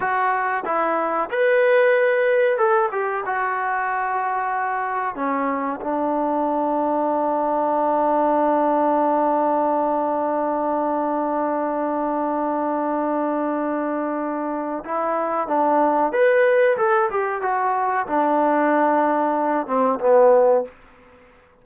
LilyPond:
\new Staff \with { instrumentName = "trombone" } { \time 4/4 \tempo 4 = 93 fis'4 e'4 b'2 | a'8 g'8 fis'2. | cis'4 d'2.~ | d'1~ |
d'1~ | d'2. e'4 | d'4 b'4 a'8 g'8 fis'4 | d'2~ d'8 c'8 b4 | }